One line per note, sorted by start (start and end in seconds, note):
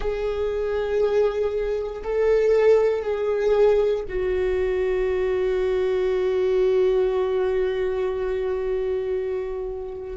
0.00 2.02 G#4
2.03 3.02 A4
3.02 4.04 G#4
4.08 10.16 F#4